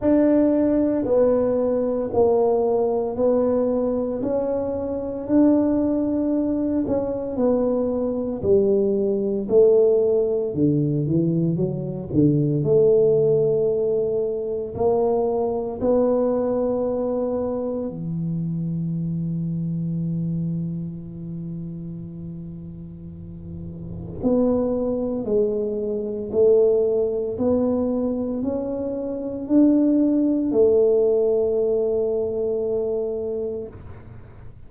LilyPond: \new Staff \with { instrumentName = "tuba" } { \time 4/4 \tempo 4 = 57 d'4 b4 ais4 b4 | cis'4 d'4. cis'8 b4 | g4 a4 d8 e8 fis8 d8 | a2 ais4 b4~ |
b4 e2.~ | e2. b4 | gis4 a4 b4 cis'4 | d'4 a2. | }